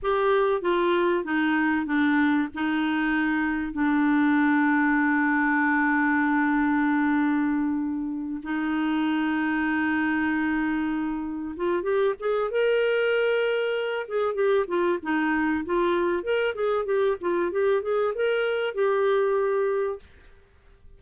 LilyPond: \new Staff \with { instrumentName = "clarinet" } { \time 4/4 \tempo 4 = 96 g'4 f'4 dis'4 d'4 | dis'2 d'2~ | d'1~ | d'4. dis'2~ dis'8~ |
dis'2~ dis'8 f'8 g'8 gis'8 | ais'2~ ais'8 gis'8 g'8 f'8 | dis'4 f'4 ais'8 gis'8 g'8 f'8 | g'8 gis'8 ais'4 g'2 | }